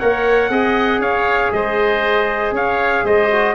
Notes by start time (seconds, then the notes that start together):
0.00 A#3 A#4 C#5 F#5
0.50 C4 G#4 D#5
0.99 C#4 C#5 F5
1.53 G#3 C5 D#5
2.52 C#4 C#5 F5
3.04 G#3 C5 D#5
3.31 F#4